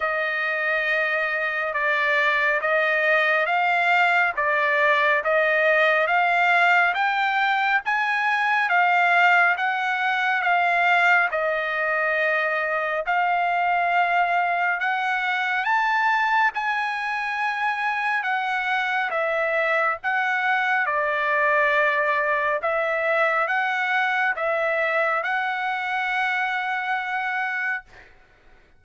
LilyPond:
\new Staff \with { instrumentName = "trumpet" } { \time 4/4 \tempo 4 = 69 dis''2 d''4 dis''4 | f''4 d''4 dis''4 f''4 | g''4 gis''4 f''4 fis''4 | f''4 dis''2 f''4~ |
f''4 fis''4 a''4 gis''4~ | gis''4 fis''4 e''4 fis''4 | d''2 e''4 fis''4 | e''4 fis''2. | }